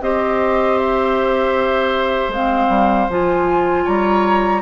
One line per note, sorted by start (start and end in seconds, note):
0.00 2.28 C4
0.00 2.32 G4
0.00 3.84 C5
0.00 0.78 D#5
0.78 2.32 E5
2.28 2.66 G#3
2.28 3.09 C4
2.28 3.09 F5
2.68 3.07 G3
3.09 3.86 F3
3.09 4.61 F4
3.09 3.86 G#5
3.84 4.61 G3
3.84 4.61 C#5
3.84 4.61 A#5